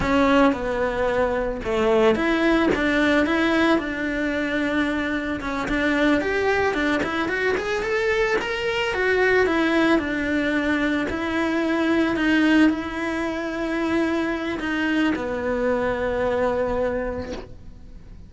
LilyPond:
\new Staff \with { instrumentName = "cello" } { \time 4/4 \tempo 4 = 111 cis'4 b2 a4 | e'4 d'4 e'4 d'4~ | d'2 cis'8 d'4 g'8~ | g'8 d'8 e'8 fis'8 gis'8 a'4 ais'8~ |
ais'8 fis'4 e'4 d'4.~ | d'8 e'2 dis'4 e'8~ | e'2. dis'4 | b1 | }